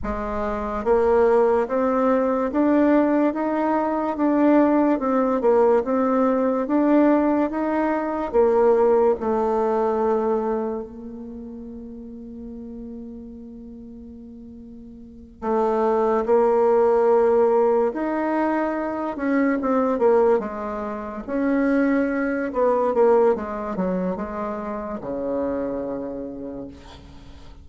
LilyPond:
\new Staff \with { instrumentName = "bassoon" } { \time 4/4 \tempo 4 = 72 gis4 ais4 c'4 d'4 | dis'4 d'4 c'8 ais8 c'4 | d'4 dis'4 ais4 a4~ | a4 ais2.~ |
ais2~ ais8 a4 ais8~ | ais4. dis'4. cis'8 c'8 | ais8 gis4 cis'4. b8 ais8 | gis8 fis8 gis4 cis2 | }